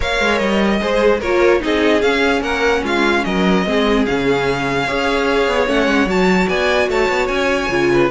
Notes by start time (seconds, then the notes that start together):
0.00 A#3 A#4 C#5 F5
0.20 G#3
0.38 G3 D#5
0.80 G#3 G#4 C5
1.19 A#3 F4 A#4 C#5
1.60 C4 D#4 G#4 D#5
2.01 C#4 F5
2.41 A#3 A#4 F#5
2.83 G#3 F4 F5
3.24 F#3 A#4 D#5
3.66 G#3 C4 G#4
4.05 C#3 C#4 F5
4.86 C#4 G#4 C#5
5.47 B3
5.67 A3 C#4 F#5
5.86 G#3
6.05 F#3 F#4 A5
6.48 B3 D5 G#5
6.88 A3 C#5 A5
7.09 B3
7.27 C#4 G#5
7.69 C#3 F4
7.92 B4